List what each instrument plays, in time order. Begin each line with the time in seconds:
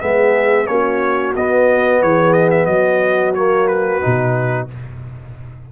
0.00 tuba G#3, trombone B3, horn G#4, trumpet E5
0.66 tuba A#3, trombone C#4, horn F#4, trumpet C#5
1.35 tuba B3, trombone B3, trumpet D#5
2.02 tuba E3, horn G#4, trumpet C#5
2.32 trumpet D#5
2.50 trumpet E5
2.66 tuba F#3, horn F#4, trumpet D#5
3.34 trombone A#3, trumpet C#5
3.67 trumpet B4
4.01 tuba B2, trombone D#4